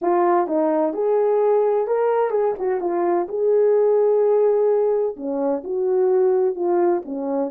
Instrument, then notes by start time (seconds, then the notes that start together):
horn
0.01 F4
0.47 D#4
0.93 G#4
1.87 A#4
2.30 G#4
2.58 F#4
2.80 F4
3.28 G#4
5.16 C#4
5.64 F#4
6.55 F4
7.05 C#4